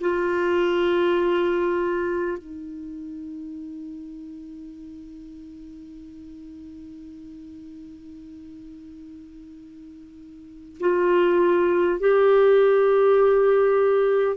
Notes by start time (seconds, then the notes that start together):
0.00 F4
2.38 D#4
10.80 F4
12.00 G4